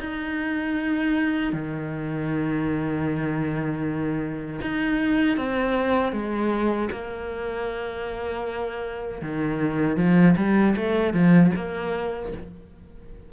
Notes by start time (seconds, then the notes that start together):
0.00 D#4
1.53 D#3
4.62 D#4
5.37 C4
6.13 G#3
6.92 A#3
9.22 D#3
9.97 F3
10.37 G3
10.76 A3
11.14 F3
11.56 A#3